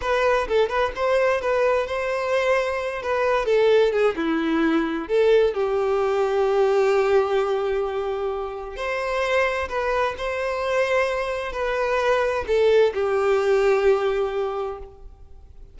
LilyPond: \new Staff \with { instrumentName = "violin" } { \time 4/4 \tempo 4 = 130 b'4 a'8 b'8 c''4 b'4 | c''2~ c''8 b'4 a'8~ | a'8 gis'8 e'2 a'4 | g'1~ |
g'2. c''4~ | c''4 b'4 c''2~ | c''4 b'2 a'4 | g'1 | }